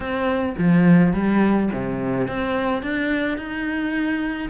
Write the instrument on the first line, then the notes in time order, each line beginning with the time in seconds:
cello
0.00 C4
0.57 F3
1.13 G3
1.72 C3
2.27 C4
2.82 D4
3.37 D#4